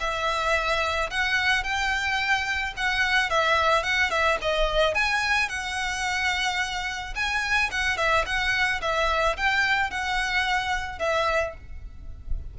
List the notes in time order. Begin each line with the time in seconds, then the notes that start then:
0.00 E5
1.10 F#5
1.64 G5
2.77 F#5
3.30 E5
3.83 F#5
4.10 E5
4.42 D#5
4.95 G#5
5.49 F#5
7.15 G#5
7.71 F#5
7.97 E5
8.26 F#5
8.82 E5
9.37 G5
9.91 F#5
10.99 E5